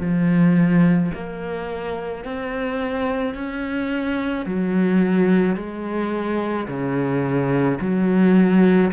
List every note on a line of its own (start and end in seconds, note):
0.00 1.11 F3
1.14 2.24 A#3
2.24 3.34 C4
3.34 4.45 C#4
4.45 5.56 F#3
5.56 6.67 G#3
6.67 7.78 C#3
7.80 8.91 F#3